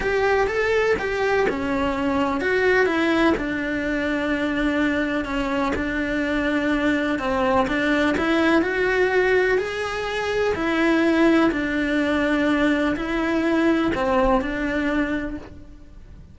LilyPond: \new Staff \with { instrumentName = "cello" } { \time 4/4 \tempo 4 = 125 g'4 a'4 g'4 cis'4~ | cis'4 fis'4 e'4 d'4~ | d'2. cis'4 | d'2. c'4 |
d'4 e'4 fis'2 | gis'2 e'2 | d'2. e'4~ | e'4 c'4 d'2 | }